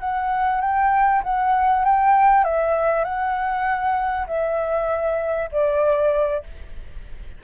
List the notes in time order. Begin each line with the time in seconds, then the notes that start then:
0.00 F#5
0.61 G5
1.23 F#5
1.85 G5
2.44 E5
3.04 F#5
4.27 E5
5.51 D5